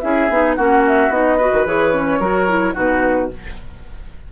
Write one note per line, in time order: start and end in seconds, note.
0.00 0.30 C#4
0.00 0.30 E4
0.00 0.56 G#4
0.00 0.55 E5
0.30 0.57 B3
0.30 0.58 D#4
0.55 1.10 A#3
0.55 1.11 C#4
0.55 1.37 F#4
0.55 0.83 F#5
0.87 1.12 E5
1.10 1.51 B3
1.10 1.39 D#4
1.10 1.67 D#5
1.37 1.67 F#4
1.37 2.19 B4
1.53 1.66 D#3
1.66 2.19 E3
1.66 1.94 G#4
1.66 2.76 C#5
1.94 2.21 C#4
2.19 2.74 F#3
2.19 2.49 F#4
2.19 2.74 A#4
2.49 2.74 E4
2.74 3.32 B2
2.74 3.29 D#4
2.74 3.29 F#4
2.74 3.31 B4